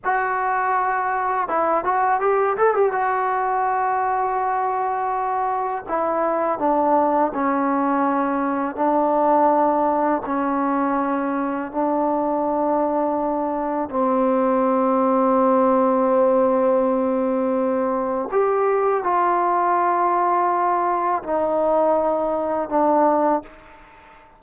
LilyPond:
\new Staff \with { instrumentName = "trombone" } { \time 4/4 \tempo 4 = 82 fis'2 e'8 fis'8 g'8 a'16 g'16 | fis'1 | e'4 d'4 cis'2 | d'2 cis'2 |
d'2. c'4~ | c'1~ | c'4 g'4 f'2~ | f'4 dis'2 d'4 | }